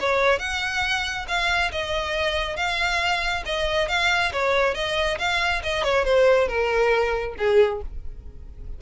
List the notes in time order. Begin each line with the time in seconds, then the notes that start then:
0.00 C#5
0.39 F#5
1.27 F5
1.71 D#5
2.56 F5
3.45 D#5
3.88 F5
4.32 C#5
4.74 D#5
5.18 F5
5.63 D#5
5.83 C#5
6.05 C5
6.48 A#4
7.38 G#4